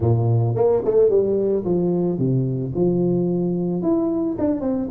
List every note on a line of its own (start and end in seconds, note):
0.00 0.55 A#2
0.55 0.82 A#3
0.84 1.09 A3
1.09 1.64 G3
1.64 2.18 F3
2.18 2.72 C3
2.74 3.82 F3
3.82 4.36 E4
4.38 4.61 D4
4.61 4.88 C4